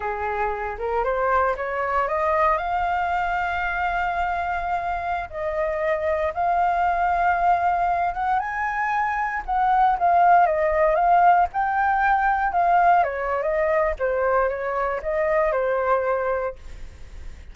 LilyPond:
\new Staff \with { instrumentName = "flute" } { \time 4/4 \tempo 4 = 116 gis'4. ais'8 c''4 cis''4 | dis''4 f''2.~ | f''2~ f''16 dis''4.~ dis''16~ | dis''16 f''2.~ f''8 fis''16~ |
fis''16 gis''2 fis''4 f''8.~ | f''16 dis''4 f''4 g''4.~ g''16~ | g''16 f''4 cis''8. dis''4 c''4 | cis''4 dis''4 c''2 | }